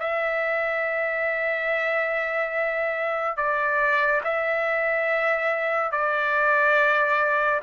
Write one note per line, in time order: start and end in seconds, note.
0.00 3.37 E5
3.37 4.22 D5
4.25 5.92 E5
5.92 7.61 D5